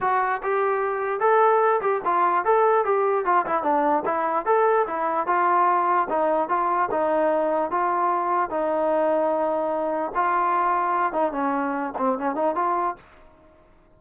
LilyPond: \new Staff \with { instrumentName = "trombone" } { \time 4/4 \tempo 4 = 148 fis'4 g'2 a'4~ | a'8 g'8 f'4 a'4 g'4 | f'8 e'8 d'4 e'4 a'4 | e'4 f'2 dis'4 |
f'4 dis'2 f'4~ | f'4 dis'2.~ | dis'4 f'2~ f'8 dis'8 | cis'4. c'8 cis'8 dis'8 f'4 | }